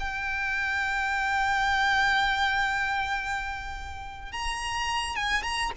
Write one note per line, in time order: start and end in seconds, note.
0.00 4.32 G5
4.32 5.16 A#5
5.16 5.43 G#5
5.43 5.72 A#5